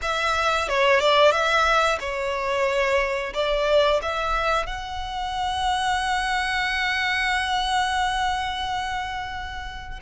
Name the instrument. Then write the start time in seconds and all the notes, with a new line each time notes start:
violin
0.02 E5
0.68 C#5
1.00 D5
1.31 E5
2.00 C#5
3.33 D5
4.02 E5
4.66 F#5